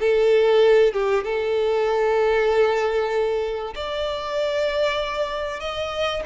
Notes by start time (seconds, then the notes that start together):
0.00 A4
0.93 G4
1.24 A4
3.76 D5
5.60 D#5